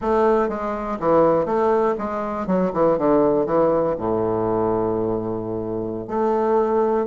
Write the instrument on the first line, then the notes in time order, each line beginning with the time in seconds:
bassoon
0.01 A3
0.48 G#3
0.99 E3
1.45 A3
1.98 G#3
2.47 F#3
2.73 E3
2.98 D3
3.46 E3
3.97 A2
6.07 A3